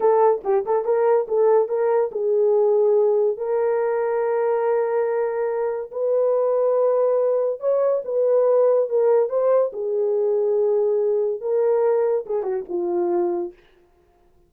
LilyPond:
\new Staff \with { instrumentName = "horn" } { \time 4/4 \tempo 4 = 142 a'4 g'8 a'8 ais'4 a'4 | ais'4 gis'2. | ais'1~ | ais'2 b'2~ |
b'2 cis''4 b'4~ | b'4 ais'4 c''4 gis'4~ | gis'2. ais'4~ | ais'4 gis'8 fis'8 f'2 | }